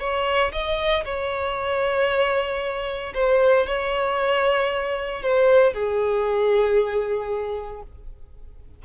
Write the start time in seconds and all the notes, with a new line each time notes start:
0.00 C#5
0.52 D#5
1.05 C#5
3.14 C5
3.67 C#5
5.22 C5
5.74 G#4